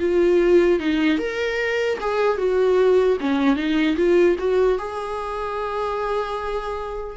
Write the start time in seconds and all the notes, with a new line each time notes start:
0.00 F4
0.80 D#4
1.19 A#4
2.01 G#4
2.38 F#4
3.21 C#4
3.56 D#4
3.97 F4
4.39 F#4
4.79 G#4